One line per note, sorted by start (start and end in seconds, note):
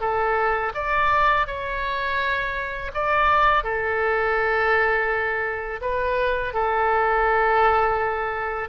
0.00 0.72 A4
0.74 1.46 D5
1.46 2.91 C#5
2.93 3.63 D5
3.63 5.80 A4
5.81 6.53 B4
6.53 8.68 A4